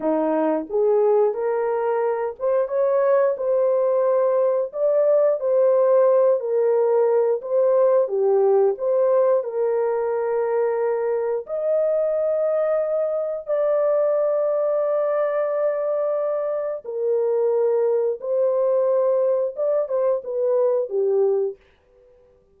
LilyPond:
\new Staff \with { instrumentName = "horn" } { \time 4/4 \tempo 4 = 89 dis'4 gis'4 ais'4. c''8 | cis''4 c''2 d''4 | c''4. ais'4. c''4 | g'4 c''4 ais'2~ |
ais'4 dis''2. | d''1~ | d''4 ais'2 c''4~ | c''4 d''8 c''8 b'4 g'4 | }